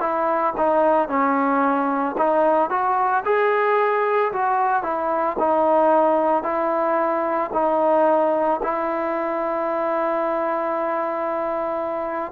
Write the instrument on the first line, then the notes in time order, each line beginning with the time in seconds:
trombone
0.00 E4
0.57 D#4
1.09 C#4
2.18 D#4
2.70 F#4
3.25 G#4
4.32 F#4
4.83 E4
5.39 D#4
6.43 E4
7.53 D#4
8.63 E4